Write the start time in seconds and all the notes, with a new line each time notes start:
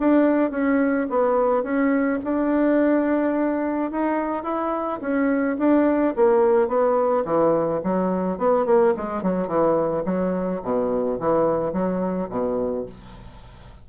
0.00 D4
0.51 C#4
1.10 B3
1.64 C#4
2.24 D4
3.92 D#4
4.44 E4
5.01 C#4
5.59 D4
6.16 A#3
6.69 B3
7.25 E3
7.84 F#3
8.39 B3
8.66 A#3
8.97 G#3
9.23 F#3
9.48 E3
10.06 F#3
10.63 B2
11.20 E3
11.73 F#3
12.30 B2